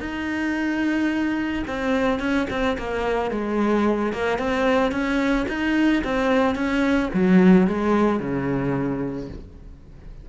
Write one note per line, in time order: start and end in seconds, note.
0.00 1.64 D#4
1.67 2.20 C4
2.20 2.47 C#4
2.50 2.77 C4
2.78 3.31 A#3
3.31 4.13 G#3
4.13 4.38 A#3
4.38 4.92 C4
4.92 5.46 C#4
5.48 6.03 D#4
6.04 6.55 C4
6.55 7.10 C#4
7.14 7.67 F#3
7.67 8.20 G#3
8.20 9.29 C#3